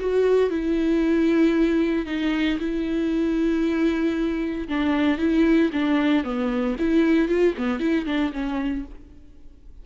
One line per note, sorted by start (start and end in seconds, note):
0.00 0.51 F#4
0.51 2.07 E4
2.07 2.59 D#4
2.60 4.68 E4
4.69 5.19 D4
5.19 5.71 E4
5.73 6.24 D4
6.24 6.77 B3
6.79 7.29 E4
7.29 7.55 F4
7.58 7.80 B3
7.80 8.06 E4
8.06 8.32 D4
8.33 8.85 C#4